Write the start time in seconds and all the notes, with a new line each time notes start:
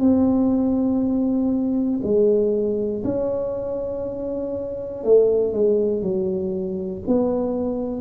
0.00 C4
2.03 G#3
3.04 C#4
5.04 A3
5.53 G#3
6.01 F#3
7.07 B3